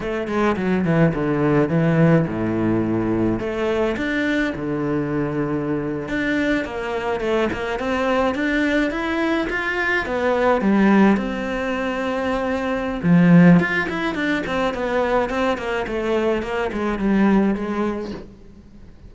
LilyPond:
\new Staff \with { instrumentName = "cello" } { \time 4/4 \tempo 4 = 106 a8 gis8 fis8 e8 d4 e4 | a,2 a4 d'4 | d2~ d8. d'4 ais16~ | ais8. a8 ais8 c'4 d'4 e'16~ |
e'8. f'4 b4 g4 c'16~ | c'2. f4 | f'8 e'8 d'8 c'8 b4 c'8 ais8 | a4 ais8 gis8 g4 gis4 | }